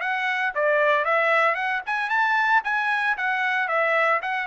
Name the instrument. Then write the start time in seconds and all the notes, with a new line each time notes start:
trumpet
0.00 F#5
0.54 D5
1.04 E5
1.55 F#5
1.86 G#5
2.09 A5
2.64 G#5
3.17 F#5
3.67 E5
4.22 F#5